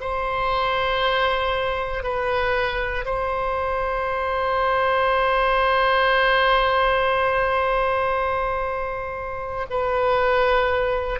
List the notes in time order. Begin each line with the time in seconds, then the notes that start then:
0.00 C5
2.03 B4
3.05 C5
9.69 B4